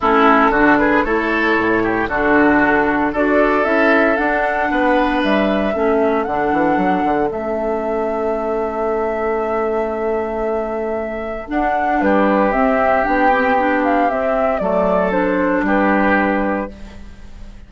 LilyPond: <<
  \new Staff \with { instrumentName = "flute" } { \time 4/4 \tempo 4 = 115 a'4. b'8 cis''2 | a'2 d''4 e''4 | fis''2 e''2 | fis''2 e''2~ |
e''1~ | e''2 fis''4 b'4 | e''4 g''4. f''8 e''4 | d''4 c''4 b'2 | }
  \new Staff \with { instrumentName = "oboe" } { \time 4/4 e'4 fis'8 gis'8 a'4. g'8 | fis'2 a'2~ | a'4 b'2 a'4~ | a'1~ |
a'1~ | a'2. g'4~ | g'1 | a'2 g'2 | }
  \new Staff \with { instrumentName = "clarinet" } { \time 4/4 cis'4 d'4 e'2 | d'2 fis'4 e'4 | d'2. cis'4 | d'2 cis'2~ |
cis'1~ | cis'2 d'2 | c'4 d'8 c'8 d'4 c'4 | a4 d'2. | }
  \new Staff \with { instrumentName = "bassoon" } { \time 4/4 a4 d4 a4 a,4 | d2 d'4 cis'4 | d'4 b4 g4 a4 | d8 e8 fis8 d8 a2~ |
a1~ | a2 d'4 g4 | c'4 b2 c'4 | fis2 g2 | }
>>